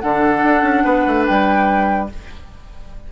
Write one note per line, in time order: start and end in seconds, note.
0.00 0.43 D3
0.00 2.09 D4
0.00 0.84 A4
0.00 1.24 F#5
0.43 0.62 D4
0.62 0.83 C#4
0.84 1.06 B3
0.84 2.08 B4
1.07 1.27 A3
1.26 2.12 G3
1.26 2.09 G5